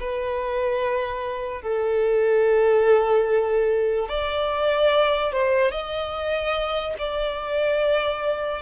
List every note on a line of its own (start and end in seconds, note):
0.00 1.62 B4
1.62 4.09 A4
4.09 5.32 D5
5.32 5.71 C5
5.71 6.95 D#5
6.98 8.62 D5